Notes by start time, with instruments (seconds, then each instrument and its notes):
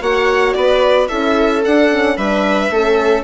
0.00 bassoon A#3, horn F#4, viola C#5, violin F#5
0.53 bassoon B3, viola B4, violin D5
1.08 bassoon C#4, horn E4, viola A4, violin E5
1.64 horn D4, bassoon D4, violin F#5
1.90 horn C#4
2.17 bassoon G3, horn D4, viola B4, violin E5
2.70 bassoon A3, horn C#4, viola A4